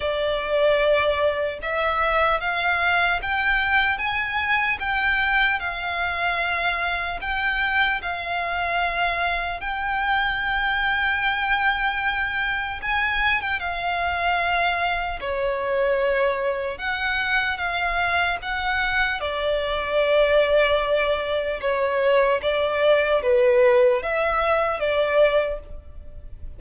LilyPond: \new Staff \with { instrumentName = "violin" } { \time 4/4 \tempo 4 = 75 d''2 e''4 f''4 | g''4 gis''4 g''4 f''4~ | f''4 g''4 f''2 | g''1 |
gis''8. g''16 f''2 cis''4~ | cis''4 fis''4 f''4 fis''4 | d''2. cis''4 | d''4 b'4 e''4 d''4 | }